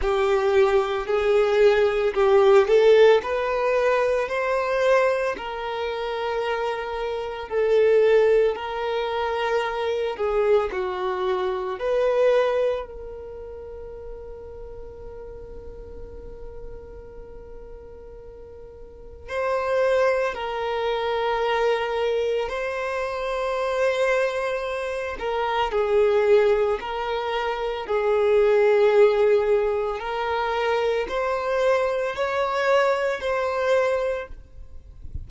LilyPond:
\new Staff \with { instrumentName = "violin" } { \time 4/4 \tempo 4 = 56 g'4 gis'4 g'8 a'8 b'4 | c''4 ais'2 a'4 | ais'4. gis'8 fis'4 b'4 | ais'1~ |
ais'2 c''4 ais'4~ | ais'4 c''2~ c''8 ais'8 | gis'4 ais'4 gis'2 | ais'4 c''4 cis''4 c''4 | }